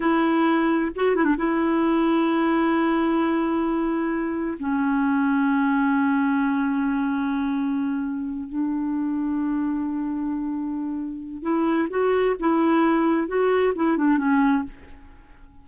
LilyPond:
\new Staff \with { instrumentName = "clarinet" } { \time 4/4 \tempo 4 = 131 e'2 fis'8 e'16 d'16 e'4~ | e'1~ | e'2 cis'2~ | cis'1~ |
cis'2~ cis'8 d'4.~ | d'1~ | d'4 e'4 fis'4 e'4~ | e'4 fis'4 e'8 d'8 cis'4 | }